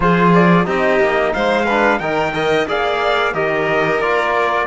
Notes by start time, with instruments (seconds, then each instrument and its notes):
0.00 cello F3, trombone F4, violin G#4, trumpet C5
0.34 trumpet D5
0.64 cello C4, trombone D#4, violin G4, trumpet D#5
0.99 cello A#3
1.33 cello G#3, violin C5, trumpet F5
1.65 trombone D4, violin B4
1.99 cello D#3, trombone D#4, violin A#4, trumpet G5
2.33 trombone A#4, violin D#5
2.67 cello A#3, trombone G#4, violin D5, trumpet F5
3.33 cello D#3, trombone G4, violin A#4, trumpet D#5
3.99 cello A#3, trombone F4, trumpet D5